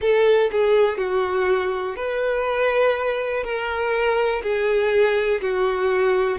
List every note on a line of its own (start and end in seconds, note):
0.01 0.50 A4
0.51 0.97 G#4
0.97 1.96 F#4
1.96 3.43 B4
3.43 4.42 A#4
4.42 5.41 G#4
5.41 6.38 F#4